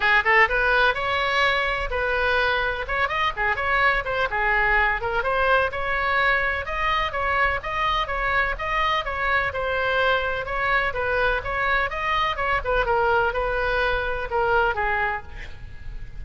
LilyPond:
\new Staff \with { instrumentName = "oboe" } { \time 4/4 \tempo 4 = 126 gis'8 a'8 b'4 cis''2 | b'2 cis''8 dis''8 gis'8 cis''8~ | cis''8 c''8 gis'4. ais'8 c''4 | cis''2 dis''4 cis''4 |
dis''4 cis''4 dis''4 cis''4 | c''2 cis''4 b'4 | cis''4 dis''4 cis''8 b'8 ais'4 | b'2 ais'4 gis'4 | }